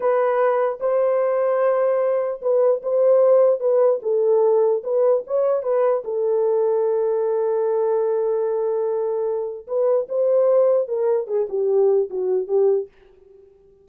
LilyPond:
\new Staff \with { instrumentName = "horn" } { \time 4/4 \tempo 4 = 149 b'2 c''2~ | c''2 b'4 c''4~ | c''4 b'4 a'2 | b'4 cis''4 b'4 a'4~ |
a'1~ | a'1 | b'4 c''2 ais'4 | gis'8 g'4. fis'4 g'4 | }